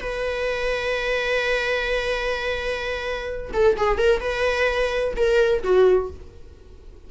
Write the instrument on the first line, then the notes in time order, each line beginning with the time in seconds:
viola
0.00 B4
3.53 A4
3.77 G#4
3.97 A#4
4.20 B4
5.16 A#4
5.63 F#4